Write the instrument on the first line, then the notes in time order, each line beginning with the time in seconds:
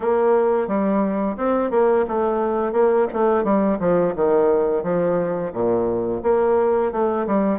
bassoon
0.00 A#3
0.67 G3
1.36 C4
1.71 A#3
2.08 A3
2.72 A#3
3.13 A3
3.44 G3
3.79 F3
4.15 D#3
4.83 F3
5.52 A#2
6.23 A#3
6.92 A3
7.26 G3